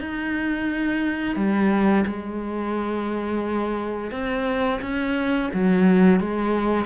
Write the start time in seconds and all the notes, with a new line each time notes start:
0.00 D#4
1.36 G3
2.06 G#3
4.11 C4
4.82 C#4
5.53 F#3
6.20 G#3